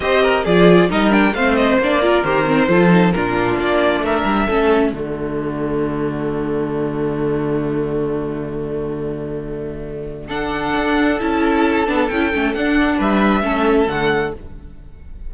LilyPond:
<<
  \new Staff \with { instrumentName = "violin" } { \time 4/4 \tempo 4 = 134 dis''4 d''4 dis''8 g''8 f''8 dis''8 | d''4 c''2 ais'4 | d''4 e''2 d''4~ | d''1~ |
d''1~ | d''2. fis''4~ | fis''4 a''2 g''4 | fis''4 e''2 fis''4 | }
  \new Staff \with { instrumentName = "violin" } { \time 4/4 c''8 ais'8 gis'4 ais'4 c''4~ | c''8 ais'4. a'4 f'4~ | f'4 ais'4 a'4 fis'4~ | fis'1~ |
fis'1~ | fis'2. a'4~ | a'1~ | a'4 b'4 a'2 | }
  \new Staff \with { instrumentName = "viola" } { \time 4/4 g'4 f'4 dis'8 d'8 c'4 | d'8 f'8 g'8 c'8 f'8 dis'8 d'4~ | d'2 cis'4 a4~ | a1~ |
a1~ | a2. d'4~ | d'4 e'4. d'8 e'8 cis'8 | d'2 cis'4 a4 | }
  \new Staff \with { instrumentName = "cello" } { \time 4/4 c'4 f4 g4 a4 | ais4 dis4 f4 ais,4 | ais4 a8 g8 a4 d4~ | d1~ |
d1~ | d1 | d'4 cis'4. b8 cis'8 a8 | d'4 g4 a4 d4 | }
>>